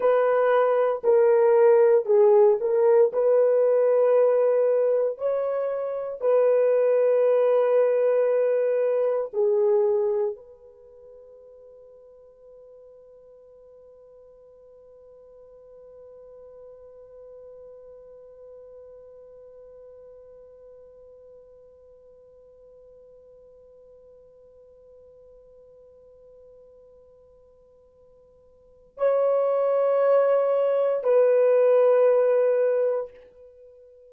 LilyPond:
\new Staff \with { instrumentName = "horn" } { \time 4/4 \tempo 4 = 58 b'4 ais'4 gis'8 ais'8 b'4~ | b'4 cis''4 b'2~ | b'4 gis'4 b'2~ | b'1~ |
b'1~ | b'1~ | b'1 | cis''2 b'2 | }